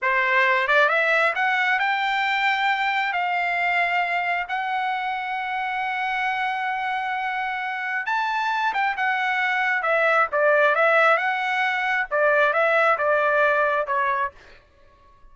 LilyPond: \new Staff \with { instrumentName = "trumpet" } { \time 4/4 \tempo 4 = 134 c''4. d''8 e''4 fis''4 | g''2. f''4~ | f''2 fis''2~ | fis''1~ |
fis''2 a''4. g''8 | fis''2 e''4 d''4 | e''4 fis''2 d''4 | e''4 d''2 cis''4 | }